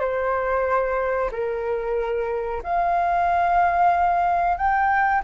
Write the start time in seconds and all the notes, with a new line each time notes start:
0.00 C5
1.32 A#4
2.63 F5
4.57 G5